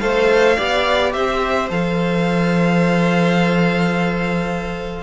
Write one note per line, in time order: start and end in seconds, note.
0.00 0.57 A3
0.00 0.57 A4
0.00 0.57 C5
0.00 1.12 F5
0.57 1.15 B3
0.57 1.69 G4
0.57 1.13 D5
1.13 1.70 C4
1.13 5.03 C5
1.13 1.69 E5
1.70 5.03 F3
1.70 5.03 A4
1.70 5.03 F5